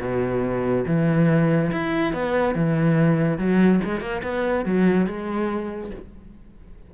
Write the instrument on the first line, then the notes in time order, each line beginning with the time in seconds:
cello
0.00 B2
0.86 E3
1.72 E4
2.13 B3
2.54 E3
3.38 F#3
3.84 G#3
4.00 A#3
4.23 B3
4.65 F#3
5.06 G#3